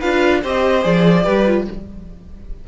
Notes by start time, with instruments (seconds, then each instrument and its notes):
0.00 cello D4, viola F4, violin B4 F5
0.43 cello C4, viola G4, violin C5 D#5
0.83 cello F3, viola G#4, violin D5
1.24 cello G3, viola G4, violin B4
1.47 viola F4